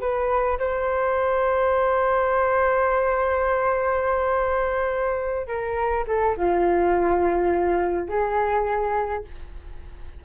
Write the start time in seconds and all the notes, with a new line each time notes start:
0.00 B4
0.58 C5
5.47 A#4
6.07 A4
6.36 F4
8.08 G#4